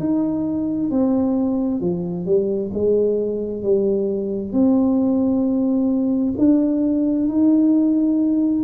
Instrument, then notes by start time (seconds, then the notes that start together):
tuba
0.00 D#4
0.91 C4
1.81 F3
2.26 G3
2.74 G#3
3.63 G3
4.53 C4
6.38 D4
7.29 D#4